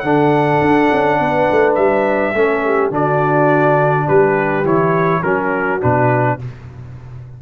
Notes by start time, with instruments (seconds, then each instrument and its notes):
0.00 tuba D3, trombone D4, horn A4, trumpet F#5
0.62 tuba D4
0.93 tuba C#4
1.20 tuba B3, horn B4
1.52 tuba A3
1.75 tuba G3, trumpet E5
2.35 tuba A3, trombone C#4, horn A4
2.65 horn G4
2.91 tuba D3, trombone D4, horn F#4, trumpet D5
4.06 tuba G3, horn G4, trumpet B4
4.65 tuba E3, trombone E4, trumpet C#5
5.23 tuba F#3, trombone C#4, horn F#4, trumpet A#4
5.81 tuba B2, trombone D4, trumpet B4